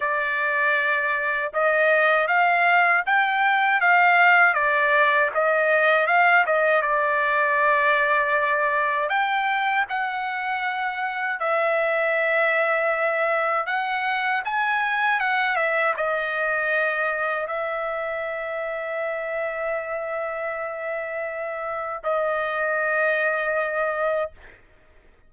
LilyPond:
\new Staff \with { instrumentName = "trumpet" } { \time 4/4 \tempo 4 = 79 d''2 dis''4 f''4 | g''4 f''4 d''4 dis''4 | f''8 dis''8 d''2. | g''4 fis''2 e''4~ |
e''2 fis''4 gis''4 | fis''8 e''8 dis''2 e''4~ | e''1~ | e''4 dis''2. | }